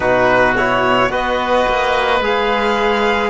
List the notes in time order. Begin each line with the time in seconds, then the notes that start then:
0.00 B2 D#4 F#4 B4
0.56 E4 C#5
1.09 B3 F#4 B4 D#5
1.68 A#3
2.20 G#3 G#4 F5